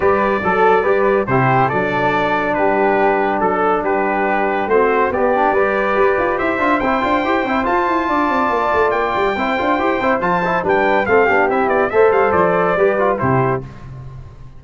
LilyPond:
<<
  \new Staff \with { instrumentName = "trumpet" } { \time 4/4 \tempo 4 = 141 d''2. c''4 | d''2 b'2 | a'4 b'2 c''4 | d''2. e''4 |
g''2 a''2~ | a''4 g''2. | a''4 g''4 f''4 e''8 d''8 | e''8 f''8 d''2 c''4 | }
  \new Staff \with { instrumentName = "flute" } { \time 4/4 b'4 a'4 b'4 g'4 | a'2 g'2 | a'4 g'2 fis'4 | g'4 b'2 c''4~ |
c''2. d''4~ | d''2 c''2~ | c''4 b'4 a'8 g'4. | c''2 b'4 g'4 | }
  \new Staff \with { instrumentName = "trombone" } { \time 4/4 g'4 a'4 g'4 e'4 | d'1~ | d'2. c'4 | b8 d'8 g'2~ g'8 f'8 |
e'8 f'8 g'8 e'8 f'2~ | f'2 e'8 f'8 g'8 e'8 | f'8 e'8 d'4 c'8 d'8 e'4 | a'2 g'8 f'8 e'4 | }
  \new Staff \with { instrumentName = "tuba" } { \time 4/4 g4 fis4 g4 c4 | fis2 g2 | fis4 g2 a4 | b4 g4 g'8 f'8 e'8 d'8 |
c'8 d'8 e'8 c'8 f'8 e'8 d'8 c'8 | ais8 a8 ais8 g8 c'8 d'8 e'8 c'8 | f4 g4 a8 b8 c'8 b8 | a8 g8 f4 g4 c4 | }
>>